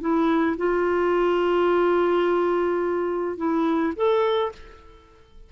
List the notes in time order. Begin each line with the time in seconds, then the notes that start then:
0.00 E4
0.57 F4
3.37 E4
3.96 A4